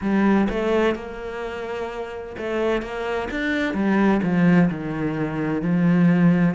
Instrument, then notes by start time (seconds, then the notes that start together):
cello
0.01 G3
0.49 A3
0.95 A#3
2.37 A3
2.81 A#3
3.31 D4
3.74 G3
4.22 F3
4.70 D#3
5.62 F3